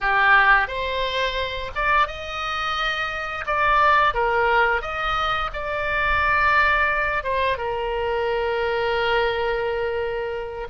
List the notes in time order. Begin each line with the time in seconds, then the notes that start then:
0.00 G4
0.67 C5
1.75 D5
2.07 D#5
3.46 D5
4.14 A#4
4.81 D#5
5.53 D5
7.23 C5
7.57 A#4